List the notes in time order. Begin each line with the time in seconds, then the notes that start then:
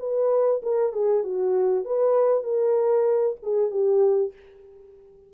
0.00 B4
0.63 A#4
0.93 G#4
1.24 F#4
1.85 B4
2.44 A#4
3.43 G#4
3.71 G4